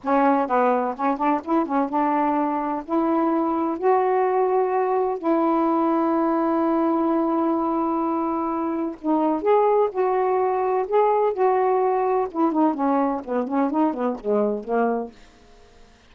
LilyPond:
\new Staff \with { instrumentName = "saxophone" } { \time 4/4 \tempo 4 = 127 cis'4 b4 cis'8 d'8 e'8 cis'8 | d'2 e'2 | fis'2. e'4~ | e'1~ |
e'2. dis'4 | gis'4 fis'2 gis'4 | fis'2 e'8 dis'8 cis'4 | b8 cis'8 dis'8 b8 gis4 ais4 | }